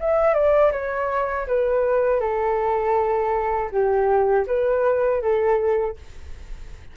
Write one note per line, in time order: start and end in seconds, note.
0.00 0.34 E5
0.34 0.72 D5
0.72 1.47 C#5
1.48 2.21 B4
2.21 3.71 A4
3.71 4.46 G4
4.47 5.22 B4
5.22 5.97 A4